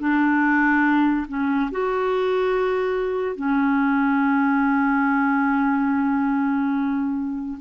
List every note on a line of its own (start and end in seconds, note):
0.00 1.27 D4
1.28 1.71 C#4
1.71 3.36 F#4
3.36 7.59 C#4